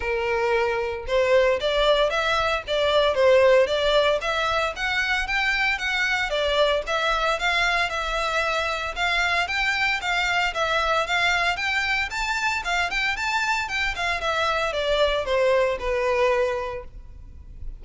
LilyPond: \new Staff \with { instrumentName = "violin" } { \time 4/4 \tempo 4 = 114 ais'2 c''4 d''4 | e''4 d''4 c''4 d''4 | e''4 fis''4 g''4 fis''4 | d''4 e''4 f''4 e''4~ |
e''4 f''4 g''4 f''4 | e''4 f''4 g''4 a''4 | f''8 g''8 a''4 g''8 f''8 e''4 | d''4 c''4 b'2 | }